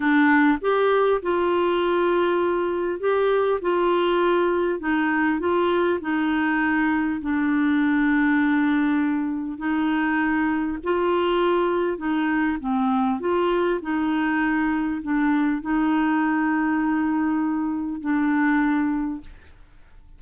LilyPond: \new Staff \with { instrumentName = "clarinet" } { \time 4/4 \tempo 4 = 100 d'4 g'4 f'2~ | f'4 g'4 f'2 | dis'4 f'4 dis'2 | d'1 |
dis'2 f'2 | dis'4 c'4 f'4 dis'4~ | dis'4 d'4 dis'2~ | dis'2 d'2 | }